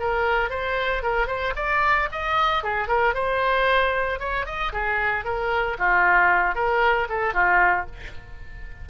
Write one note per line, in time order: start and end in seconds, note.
0.00 0.50 A#4
0.50 1.03 C5
1.03 1.28 A#4
1.28 1.54 C5
1.56 2.09 D5
2.12 2.64 D#5
2.64 2.88 G#4
2.88 3.15 A#4
3.15 4.20 C5
4.20 4.46 C#5
4.46 4.73 D#5
4.73 5.25 G#4
5.25 5.78 A#4
5.79 6.56 F4
6.56 7.08 A#4
7.09 7.34 A4
7.34 7.87 F4